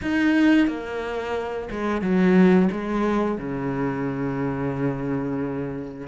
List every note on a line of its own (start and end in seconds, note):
0.02 0.67 D#4
0.67 1.69 A#3
1.70 2.01 G#3
2.01 2.68 F#3
2.72 3.38 G#3
3.38 6.07 C#3